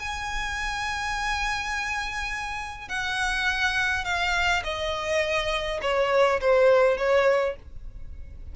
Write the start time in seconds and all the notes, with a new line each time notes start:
0.00 G#5
2.89 F#5
4.05 F5
4.64 D#5
5.83 C#5
6.41 C5
6.98 C#5